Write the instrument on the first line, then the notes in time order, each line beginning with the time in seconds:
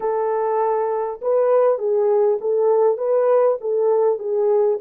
horn
0.00 A4
1.21 B4
1.78 G#4
2.40 A4
2.97 B4
3.60 A4
4.18 G#4